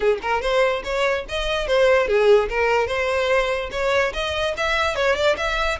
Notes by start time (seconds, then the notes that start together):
0.00 G#4
0.22 A#4
0.41 C5
0.84 C#5
1.28 D#5
1.67 C5
2.07 G#4
2.49 A#4
2.87 C5
3.71 C#5
4.13 D#5
4.57 E5
4.95 C#5
5.15 D5
5.37 E5